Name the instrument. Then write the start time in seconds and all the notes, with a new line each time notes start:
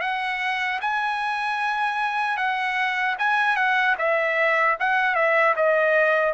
trumpet
0.00 F#5
0.81 G#5
2.36 F#5
3.18 G#5
3.56 F#5
3.98 E5
4.80 F#5
5.15 E5
5.56 D#5